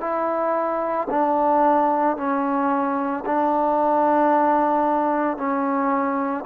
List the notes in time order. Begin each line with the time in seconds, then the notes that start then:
0.00 E4
1.10 D4
2.17 C#4
3.25 D4
5.37 C#4